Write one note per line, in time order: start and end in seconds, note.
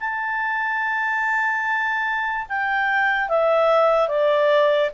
0.00 2.47 A5
2.49 3.29 G5
3.29 4.08 E5
4.08 4.91 D5